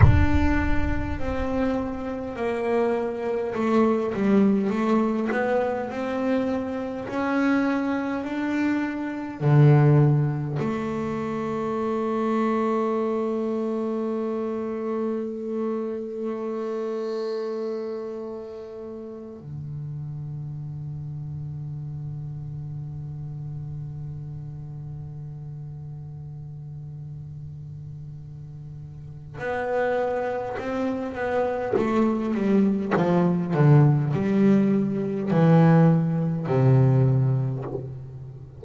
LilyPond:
\new Staff \with { instrumentName = "double bass" } { \time 4/4 \tempo 4 = 51 d'4 c'4 ais4 a8 g8 | a8 b8 c'4 cis'4 d'4 | d4 a2.~ | a1~ |
a8 d2.~ d8~ | d1~ | d4 b4 c'8 b8 a8 g8 | f8 d8 g4 e4 c4 | }